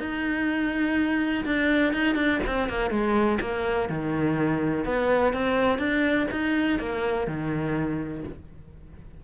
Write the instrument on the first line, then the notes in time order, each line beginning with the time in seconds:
cello
0.00 D#4
1.46 D4
1.94 D#4
2.16 D4
2.47 C4
2.69 A#3
2.91 G#3
3.41 A#3
3.90 D#3
4.85 B3
5.34 C4
5.79 D4
6.32 D#4
6.79 A#3
7.28 D#3